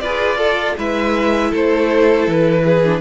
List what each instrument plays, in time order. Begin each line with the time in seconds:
0.00 cello F4, viola G#4, violin B4 D5
0.37 viola A4, violin A4
0.78 cello G#3, viola E4, violin B4 E5
1.51 cello A3, violin A4 C5
2.27 cello E3, violin B4
2.64 violin G#4
2.85 viola D4